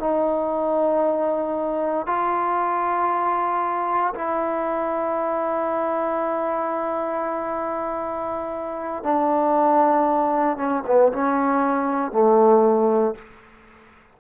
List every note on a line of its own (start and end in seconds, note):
0.00 2.07 D#4
2.07 4.14 F4
4.15 9.04 E4
9.04 10.57 D4
10.57 10.83 C#4
10.87 11.13 B3
11.13 12.12 C#4
12.12 13.15 A3